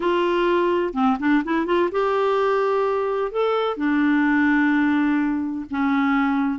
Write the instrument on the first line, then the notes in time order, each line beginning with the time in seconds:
clarinet
0.00 F4
0.93 C4
1.19 D4
1.44 E4
1.66 F4
1.91 G4
3.31 A4
3.76 D4
5.70 C#4